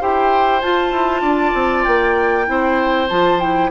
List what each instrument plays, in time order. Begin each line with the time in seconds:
0.00 bassoon E4, clarinet G4, oboe C5, flute G5
0.62 bassoon F4, clarinet F4, flute A5
0.92 bassoon E4
1.21 bassoon D4, oboe D5
1.54 bassoon C4
1.84 bassoon A#3, flute G5
2.46 bassoon C4, clarinet E4, oboe C5
3.09 bassoon F3, clarinet F4, flute A5
3.40 clarinet E4, flute G5